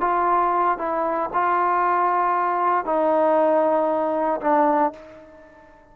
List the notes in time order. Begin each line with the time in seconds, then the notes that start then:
0.00 F4
0.78 E4
1.33 F4
2.85 D#4
4.41 D4